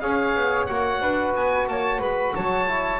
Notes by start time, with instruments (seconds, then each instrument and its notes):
0.00 double bass C#4, trombone G#4, flute C#5, oboe F5
0.35 double bass B3
0.66 double bass A#3, trombone F#4, oboe F#5
1.01 double bass D4, flute B4
1.35 double bass B3, oboe G#5
1.67 double bass A#3, flute C#5, oboe A5
1.99 double bass G#3, flute B4, oboe B5
2.35 double bass F#3, flute C#5, oboe A5
2.67 trombone E4